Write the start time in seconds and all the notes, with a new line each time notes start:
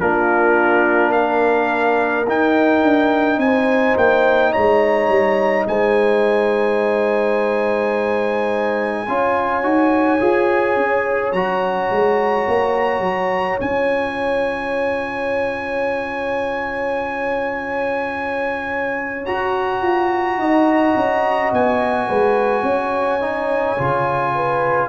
0.00 A#3 D4 F4 A#4
1.12 A#4 F5
2.27 D#4 G5
2.83 D4
3.38 C4 G#5
3.45 C5
3.97 A#3 G5
4.52 G#3 C#5 A#5
5.09 G3
5.68 G#3 C5 G#5
9.08 C#4 F4 C#5
9.63 D#4 F#4
10.20 F4 G#4
10.76 C#4
11.33 F#3 F#4 A#5
11.91 G#3
12.48 A#3
13.00 F#3
13.61 C#4 F4 G#5
19.26 F#4 A#5
19.82 F4
20.38 D#4 D#5
20.96 C#4
21.53 B3 G#5
22.09 G#3 B4
22.63 C#4 C#5
23.21 D#4
23.78 C#3 F4
24.35 B4